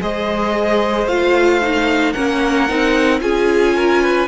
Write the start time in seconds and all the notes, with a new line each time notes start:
0.00 G#3 G#4 C5 D#5
1.06 A3 F4 F5
1.61 D#4
2.12 A#3 C#4 A#4 F#5
2.68 C4 D#4
3.20 C#4 F4 G#4 G#5
3.76 A#4
4.02 B4